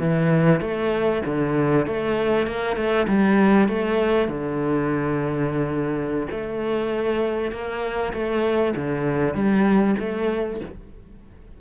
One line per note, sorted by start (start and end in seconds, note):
0.00 0.61 E3
0.61 1.22 A3
1.26 1.87 D3
1.87 2.47 A3
2.47 2.77 A#3
2.77 3.07 A3
3.08 3.68 G3
3.68 4.29 A3
4.29 6.28 D3
6.31 7.52 A3
7.52 8.13 A#3
8.13 8.75 A3
8.76 9.35 D3
9.35 9.96 G3
9.99 10.61 A3